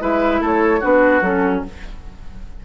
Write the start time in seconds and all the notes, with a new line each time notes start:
0.00 G#3 E4 B4 E5
0.40 A3 A4 C#5
0.80 B3 D4 F#4 B4
1.21 F#3 C#4 A4